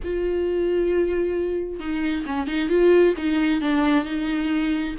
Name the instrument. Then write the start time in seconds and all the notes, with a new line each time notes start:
viola
0.03 F4
1.79 D#4
2.26 C#4
2.47 D#4
2.69 F4
3.17 D#4
3.61 D4
4.05 D#4